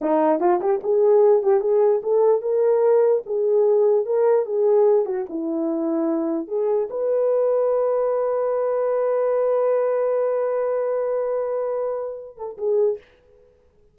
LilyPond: \new Staff \with { instrumentName = "horn" } { \time 4/4 \tempo 4 = 148 dis'4 f'8 g'8 gis'4. g'8 | gis'4 a'4 ais'2 | gis'2 ais'4 gis'4~ | gis'8 fis'8 e'2. |
gis'4 b'2.~ | b'1~ | b'1~ | b'2~ b'8 a'8 gis'4 | }